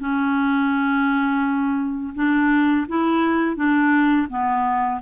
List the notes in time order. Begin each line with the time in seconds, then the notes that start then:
0.00 C#4
2.16 D4
2.89 E4
3.56 D4
4.30 B3